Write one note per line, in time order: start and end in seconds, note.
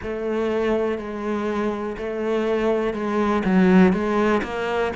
0.03 0.97 A3
0.97 1.96 G#3
1.97 2.93 A3
2.93 3.42 G#3
3.44 3.92 F#3
3.92 4.41 G#3
4.43 4.92 A#3